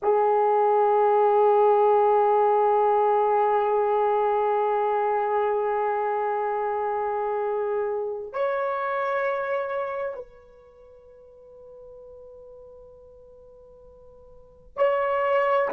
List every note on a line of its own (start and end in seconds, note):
0.02 8.32 G#4
8.32 10.15 C#5
10.15 14.77 B4
14.77 15.69 C#5